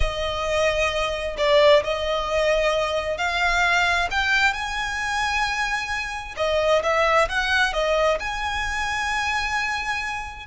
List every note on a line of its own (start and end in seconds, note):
0.00 1.36 D#5
1.37 1.83 D5
1.83 3.17 D#5
3.17 4.08 F5
4.10 4.53 G5
4.53 6.35 G#5
6.36 6.82 D#5
6.83 7.28 E5
7.29 7.73 F#5
7.73 8.18 D#5
8.19 10.46 G#5